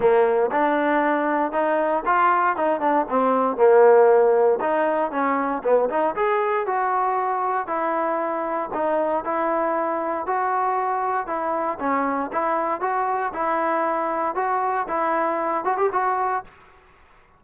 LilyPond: \new Staff \with { instrumentName = "trombone" } { \time 4/4 \tempo 4 = 117 ais4 d'2 dis'4 | f'4 dis'8 d'8 c'4 ais4~ | ais4 dis'4 cis'4 b8 dis'8 | gis'4 fis'2 e'4~ |
e'4 dis'4 e'2 | fis'2 e'4 cis'4 | e'4 fis'4 e'2 | fis'4 e'4. fis'16 g'16 fis'4 | }